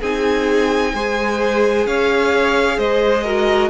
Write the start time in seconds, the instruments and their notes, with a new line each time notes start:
0.00 cello C4, viola D#4, violin G#4 G#5
0.93 cello G#3, viola G#4, violin C5
1.86 cello C#4, violin C#5 F5
2.77 cello G#3, violin C5 D#5
3.23 viola F#4, violin A#4